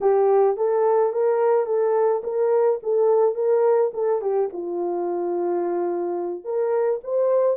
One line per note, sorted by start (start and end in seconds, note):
0.00 0.56 G4
0.57 1.12 A4
1.12 1.65 A#4
1.65 2.21 A4
2.23 2.79 A#4
2.82 3.35 A4
3.35 3.91 A#4
3.93 4.21 A4
4.21 4.49 G4
4.52 6.44 F4
6.44 7.00 A#4
7.03 7.57 C5